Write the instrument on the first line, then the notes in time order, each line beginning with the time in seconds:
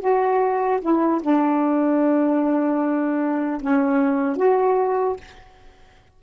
saxophone
0.00 F#4
0.81 E4
1.21 D4
3.61 C#4
4.36 F#4